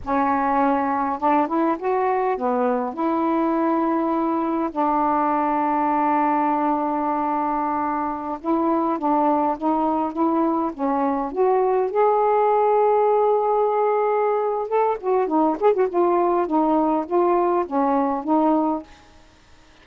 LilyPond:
\new Staff \with { instrumentName = "saxophone" } { \time 4/4 \tempo 4 = 102 cis'2 d'8 e'8 fis'4 | b4 e'2. | d'1~ | d'2~ d'16 e'4 d'8.~ |
d'16 dis'4 e'4 cis'4 fis'8.~ | fis'16 gis'2.~ gis'8.~ | gis'4 a'8 fis'8 dis'8 gis'16 fis'16 f'4 | dis'4 f'4 cis'4 dis'4 | }